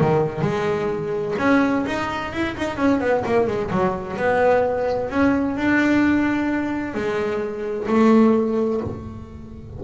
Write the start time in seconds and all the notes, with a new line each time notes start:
0.00 D#3
0.41 G#3
1.38 C#4
1.86 D#4
2.33 E4
2.57 D#4
2.77 C#4
3.00 B3
3.25 A#3
3.47 G#3
3.70 F#3
4.16 B3
5.10 C#4
5.56 D4
6.94 G#3
7.87 A3